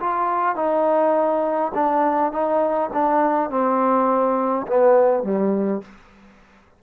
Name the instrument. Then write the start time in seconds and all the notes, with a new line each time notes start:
trombone
0.00 F4
0.56 D#4
1.74 D4
2.32 D#4
2.93 D4
3.50 C4
4.67 B3
5.23 G3